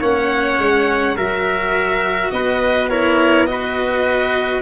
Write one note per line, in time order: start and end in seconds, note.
0.00 0.58 A#3
0.00 1.16 C#4
0.00 1.15 C#5
0.00 1.17 F#5
0.58 1.16 G#3
1.16 2.31 F#3
1.16 2.90 F#4
1.16 2.31 A#4
1.16 2.31 E5
2.31 4.62 B3
2.31 2.90 B4
2.31 2.89 D#5
2.89 3.47 E4
2.89 3.48 A#4
2.89 3.46 C#5
3.46 4.62 F#4
3.46 4.62 B4
3.46 4.62 D#5